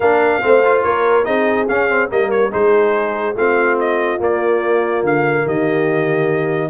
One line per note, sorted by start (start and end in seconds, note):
0.00 0.42 A#3
0.00 0.42 D4
0.00 0.42 A#4
0.00 0.82 F5
0.42 0.84 A3
0.42 0.62 C4
0.42 0.85 C5
0.64 1.24 F4
0.82 1.26 A#3
0.82 1.26 A#4
0.82 1.24 C#5
1.24 1.69 C4
1.24 1.66 D#4
1.24 2.09 G#4
1.24 1.67 D#5
1.68 1.89 C#4
1.68 2.10 C#4
1.68 2.10 F5
1.89 2.09 C4
2.09 2.52 G3
2.09 2.50 A#3
2.09 2.50 A#4
2.09 2.30 D#5
2.30 2.51 C#5
2.50 3.35 G#3
2.50 3.34 D#4
2.50 3.34 G#4
2.50 3.36 C5
3.35 4.18 A3
3.35 4.18 C4
3.35 5.45 F4
3.35 3.79 F5
3.79 4.21 D#5
4.18 6.70 A#3
4.18 5.03 A#3
4.18 5.06 D5
5.03 5.45 D3
5.03 5.48 F5
5.45 6.70 D#3
5.45 6.70 G4
5.45 6.70 D#5